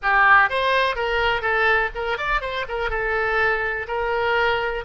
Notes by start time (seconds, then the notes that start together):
0.02 G4
0.49 C5
0.95 A#4
1.41 A4
1.95 A#4
2.17 D5
2.41 C5
2.68 A#4
2.90 A4
3.87 A#4